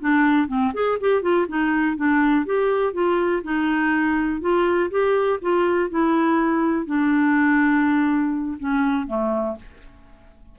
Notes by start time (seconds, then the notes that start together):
0.00 D4
0.48 C4
0.74 G#4
1.01 G4
1.22 F4
1.48 D#4
1.96 D4
2.45 G4
2.93 F4
3.44 D#4
4.41 F4
4.90 G4
5.42 F4
5.90 E4
6.86 D4
8.59 C#4
9.07 A3